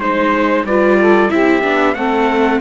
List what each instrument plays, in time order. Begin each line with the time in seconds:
0.00 cello G#3, viola D#4, trumpet C5, saxophone C5
0.64 cello G3, viola F4, saxophone B4, trumpet D5
1.00 saxophone A4
1.30 cello C4, viola E4, saxophone G4, trumpet E5
1.63 cello B3, viola D4
1.95 cello A3, viola C4, saxophone A4, trumpet F#5